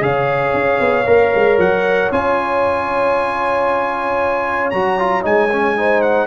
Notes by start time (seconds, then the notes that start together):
0.00 C#3 G#4 C#5 F5
0.54 C#4
0.80 B3
1.06 A#3 A#4
1.36 G#3
1.58 F#3 F#5
2.12 C#4 F4 G#5
4.71 F#3 F#4 A#5
4.99 F4
5.22 G#3 D#4 G#5
5.52 C#4
5.77 D#4 C5
6.02 F#5